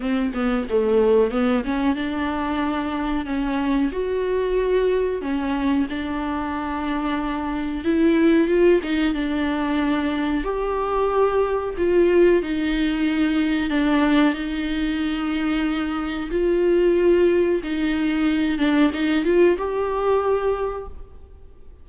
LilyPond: \new Staff \with { instrumentName = "viola" } { \time 4/4 \tempo 4 = 92 c'8 b8 a4 b8 cis'8 d'4~ | d'4 cis'4 fis'2 | cis'4 d'2. | e'4 f'8 dis'8 d'2 |
g'2 f'4 dis'4~ | dis'4 d'4 dis'2~ | dis'4 f'2 dis'4~ | dis'8 d'8 dis'8 f'8 g'2 | }